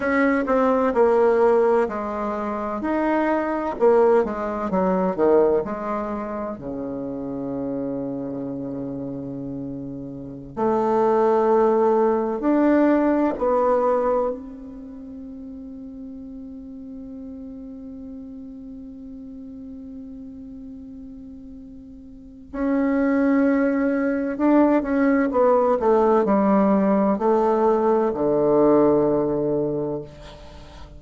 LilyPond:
\new Staff \with { instrumentName = "bassoon" } { \time 4/4 \tempo 4 = 64 cis'8 c'8 ais4 gis4 dis'4 | ais8 gis8 fis8 dis8 gis4 cis4~ | cis2.~ cis16 a8.~ | a4~ a16 d'4 b4 c'8.~ |
c'1~ | c'1 | cis'2 d'8 cis'8 b8 a8 | g4 a4 d2 | }